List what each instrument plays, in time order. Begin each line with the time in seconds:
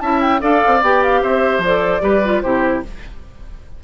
0.00 bassoon C#4, clarinet E4, oboe E5, flute A5
0.21 flute G5
0.40 bassoon D4, clarinet A4, oboe D5, flute F5
0.66 bassoon C4
0.82 bassoon B3, clarinet G4, flute G5
1.03 flute F5
1.22 bassoon C4, oboe C5, flute E5
1.58 bassoon F3
1.64 clarinet A4, flute D5
2.01 bassoon G3, clarinet G4, oboe B4
2.24 clarinet F4
2.40 bassoon C3, clarinet E4, oboe G4, flute C5